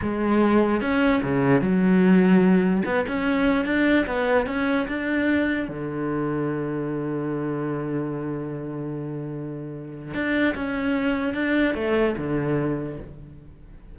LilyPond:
\new Staff \with { instrumentName = "cello" } { \time 4/4 \tempo 4 = 148 gis2 cis'4 cis4 | fis2. b8 cis'8~ | cis'4 d'4 b4 cis'4 | d'2 d2~ |
d1~ | d1~ | d4 d'4 cis'2 | d'4 a4 d2 | }